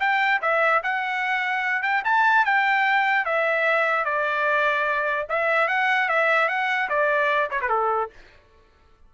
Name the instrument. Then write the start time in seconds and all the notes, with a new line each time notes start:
trumpet
0.00 G5
0.41 E5
0.83 F#5
1.82 G5
2.04 A5
2.45 G5
3.25 E5
4.04 D5
5.29 E5
5.68 F#5
6.09 E5
6.48 F#5
6.89 D5
7.50 C#5
7.61 B4
7.69 A4